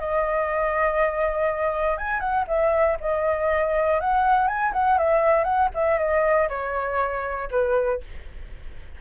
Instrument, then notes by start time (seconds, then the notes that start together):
flute
0.00 D#5
1.98 G#5
2.20 F#5
2.48 E5
3.01 D#5
4.01 F#5
4.48 G#5
4.73 F#5
4.99 E5
5.44 F#5
5.75 E5
5.99 D#5
6.49 C#5
7.51 B4